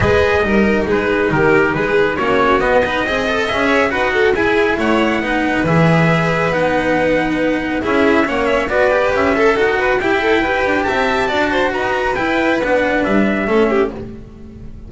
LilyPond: <<
  \new Staff \with { instrumentName = "trumpet" } { \time 4/4 \tempo 4 = 138 dis''2 b'4 ais'4 | b'4 cis''4 dis''2 | e''4 fis''4 gis''4 fis''4~ | fis''4 e''2 fis''4~ |
fis''2 e''4 fis''8 e''8 | d''4 e''4 fis''4 g''4~ | g''4 a''2 ais''4 | g''4 fis''4 e''2 | }
  \new Staff \with { instrumentName = "violin" } { \time 4/4 b'4 ais'4 gis'4 g'4 | gis'4 fis'4. b'8 dis''4~ | dis''8 cis''8 b'8 a'8 gis'4 cis''4 | b'1~ |
b'2 gis'4 cis''4 | b'4. a'4 b'8 g'8 a'8 | b'4 e''4 d''8 c''8 b'4~ | b'2. a'8 g'8 | }
  \new Staff \with { instrumentName = "cello" } { \time 4/4 gis'4 dis'2.~ | dis'4 cis'4 b8 dis'8 gis'8 a'8 | gis'4 fis'4 e'2 | dis'4 gis'2 dis'4~ |
dis'2 e'4 cis'4 | fis'8 g'4 a'8 fis'4 e'4 | g'2 fis'2 | e'4 d'2 cis'4 | }
  \new Staff \with { instrumentName = "double bass" } { \time 4/4 gis4 g4 gis4 dis4 | gis4 ais4 b4 c'4 | cis'4 dis'4 e'4 a4 | b4 e2 b4~ |
b2 cis'4 ais4 | b4 cis'4 dis'4 e'4~ | e'8 d'8 c'4 d'4 dis'4 | e'4 b4 g4 a4 | }
>>